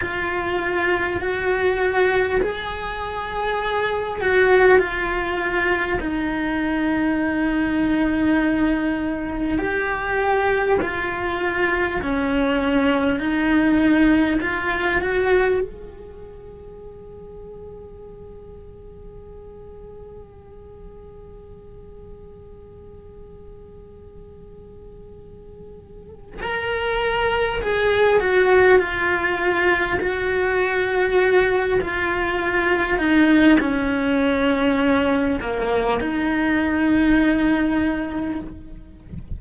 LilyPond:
\new Staff \with { instrumentName = "cello" } { \time 4/4 \tempo 4 = 50 f'4 fis'4 gis'4. fis'8 | f'4 dis'2. | g'4 f'4 cis'4 dis'4 | f'8 fis'8 gis'2.~ |
gis'1~ | gis'2 ais'4 gis'8 fis'8 | f'4 fis'4. f'4 dis'8 | cis'4. ais8 dis'2 | }